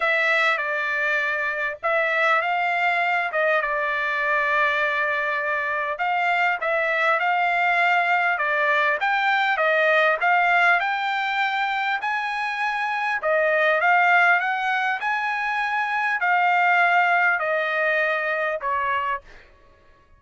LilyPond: \new Staff \with { instrumentName = "trumpet" } { \time 4/4 \tempo 4 = 100 e''4 d''2 e''4 | f''4. dis''8 d''2~ | d''2 f''4 e''4 | f''2 d''4 g''4 |
dis''4 f''4 g''2 | gis''2 dis''4 f''4 | fis''4 gis''2 f''4~ | f''4 dis''2 cis''4 | }